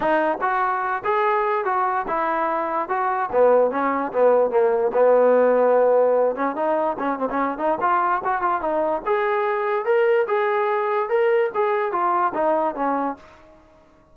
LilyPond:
\new Staff \with { instrumentName = "trombone" } { \time 4/4 \tempo 4 = 146 dis'4 fis'4. gis'4. | fis'4 e'2 fis'4 | b4 cis'4 b4 ais4 | b2.~ b8 cis'8 |
dis'4 cis'8 c'16 cis'8. dis'8 f'4 | fis'8 f'8 dis'4 gis'2 | ais'4 gis'2 ais'4 | gis'4 f'4 dis'4 cis'4 | }